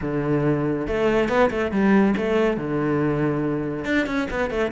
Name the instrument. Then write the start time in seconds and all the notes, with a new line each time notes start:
cello
0.01 D3
0.87 A3
1.28 B3
1.50 A3
1.71 G3
2.16 A3
2.57 D3
3.85 D4
4.06 C#4
4.30 B3
4.50 A3